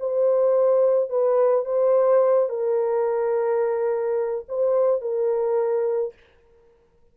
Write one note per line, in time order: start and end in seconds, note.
0.00 1.10 C5
1.10 1.65 B4
1.65 2.50 C5
2.50 4.46 A#4
4.49 5.02 C5
5.02 6.14 A#4